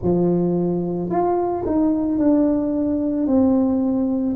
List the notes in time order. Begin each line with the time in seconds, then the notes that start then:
0.02 F3
1.10 F4
1.66 D#4
2.18 D4
3.27 C4